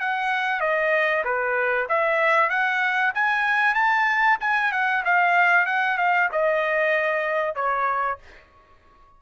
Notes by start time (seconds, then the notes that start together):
0.00 F#5
0.61 D#5
1.25 B4
1.89 E5
2.50 F#5
3.14 G#5
3.75 A5
4.41 G#5
4.72 F#5
5.05 F5
5.66 F#5
5.98 F5
6.32 D#5
7.56 C#5